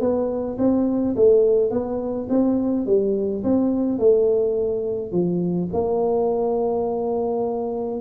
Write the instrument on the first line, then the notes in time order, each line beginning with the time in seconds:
tuba
0.00 B3
0.58 C4
1.15 A3
1.70 B3
2.29 C4
2.86 G3
3.43 C4
3.98 A3
5.12 F3
5.72 A#3